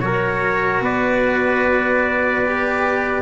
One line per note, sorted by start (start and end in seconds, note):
0.00 0.81 F#3
0.00 2.45 F#4
0.00 0.84 A#4
0.00 0.81 C#5
0.81 3.22 B3
0.81 3.22 B4
0.81 3.22 D5
2.45 3.22 G4